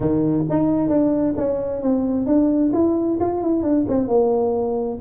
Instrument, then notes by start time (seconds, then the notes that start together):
tuba
0.00 D#3
0.49 D#4
0.88 D4
1.37 C#4
1.82 C4
2.26 D4
2.73 E4
3.20 F4
3.41 E4
3.62 D4
3.88 C4
4.07 A#3